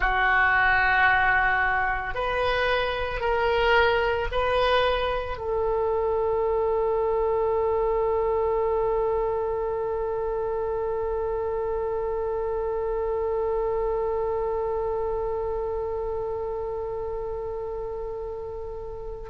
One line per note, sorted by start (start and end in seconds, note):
0.00 2.14 F#4
2.14 3.20 B4
3.20 4.27 A#4
4.31 5.37 B4
5.37 19.29 A4